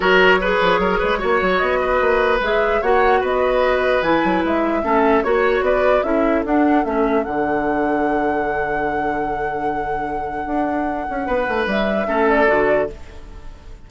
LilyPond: <<
  \new Staff \with { instrumentName = "flute" } { \time 4/4 \tempo 4 = 149 cis''1 | dis''2 e''4 fis''4 | dis''2 gis''4 e''4~ | e''4 cis''4 d''4 e''4 |
fis''4 e''4 fis''2~ | fis''1~ | fis''1~ | fis''4 e''4. d''4. | }
  \new Staff \with { instrumentName = "oboe" } { \time 4/4 ais'4 b'4 ais'8 b'8 cis''4~ | cis''8 b'2~ b'8 cis''4 | b'1 | a'4 cis''4 b'4 a'4~ |
a'1~ | a'1~ | a'1 | b'2 a'2 | }
  \new Staff \with { instrumentName = "clarinet" } { \time 4/4 fis'4 gis'2 fis'4~ | fis'2 gis'4 fis'4~ | fis'2 e'2 | cis'4 fis'2 e'4 |
d'4 cis'4 d'2~ | d'1~ | d'1~ | d'2 cis'4 fis'4 | }
  \new Staff \with { instrumentName = "bassoon" } { \time 4/4 fis4. f8 fis8 gis8 ais8 fis8 | b4 ais4 gis4 ais4 | b2 e8 fis8 gis4 | a4 ais4 b4 cis'4 |
d'4 a4 d2~ | d1~ | d2 d'4. cis'8 | b8 a8 g4 a4 d4 | }
>>